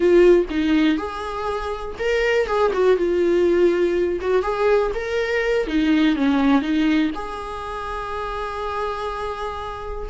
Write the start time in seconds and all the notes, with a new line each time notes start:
0.00 F4
0.49 D#4
0.97 G#4
1.98 A#4
2.46 G#4
2.73 F#4
2.96 F4
4.20 F#4
4.42 G#4
4.94 A#4
5.67 D#4
6.16 C#4
6.61 D#4
7.14 G#4